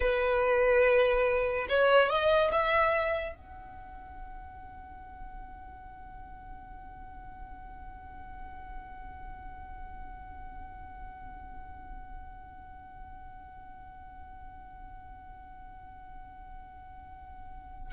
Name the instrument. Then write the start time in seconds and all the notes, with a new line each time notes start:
violin
0.00 B4
1.69 C#5
2.09 D#5
2.52 E5
3.35 F#5